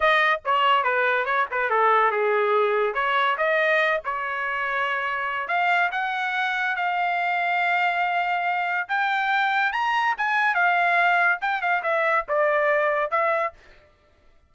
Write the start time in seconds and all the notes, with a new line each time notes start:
0.00 D#5
0.44 C#5
0.83 B4
1.25 C#5
1.51 B4
1.69 A4
2.11 G#4
2.94 C#5
3.37 D#5
4.04 C#5
5.47 F5
5.91 F#5
6.76 F5
8.88 G5
9.72 A#5
10.17 G#5
10.54 F5
11.41 G5
11.61 F5
11.83 E5
12.28 D5
13.10 E5